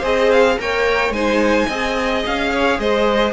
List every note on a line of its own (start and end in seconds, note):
0.00 0.58 C4
0.00 0.58 G#4
0.00 0.55 C5
0.00 0.32 D#5
0.32 0.59 F5
0.58 1.10 A#3
0.58 1.14 A#4
0.58 1.15 C#5
0.58 1.13 G5
1.10 1.65 G#3
1.10 1.69 D#4
1.10 1.67 C5
1.10 2.23 G#5
1.67 2.24 C4
1.67 3.33 G#4
1.67 2.50 D#5
2.26 2.79 C#4
2.26 2.80 F5
2.52 2.79 C#5
2.79 3.33 G#3
2.79 3.33 C5
2.79 3.33 D#5